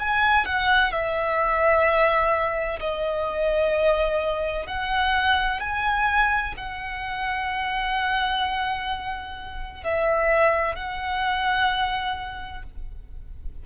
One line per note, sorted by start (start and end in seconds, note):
0.00 0.46 G#5
0.46 0.92 F#5
0.92 2.80 E5
2.80 4.67 D#5
4.67 5.61 F#5
5.61 6.55 G#5
6.58 9.84 F#5
9.84 10.76 E5
10.76 12.63 F#5